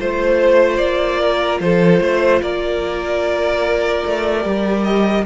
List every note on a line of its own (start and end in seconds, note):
0.00 0.79 A3
0.00 4.41 F4
0.00 0.78 C5
0.00 1.21 C5
0.78 1.60 A#3
0.78 1.59 D5
1.21 1.61 A#4
1.60 2.01 F3
1.60 2.03 A4
1.60 2.42 C5
2.01 2.41 A3
2.01 2.42 C5
2.42 4.05 A#3
2.42 5.26 A#4
2.42 4.84 D5
4.06 4.45 A3
4.41 5.26 G3
4.41 5.22 G4
4.84 5.24 D#5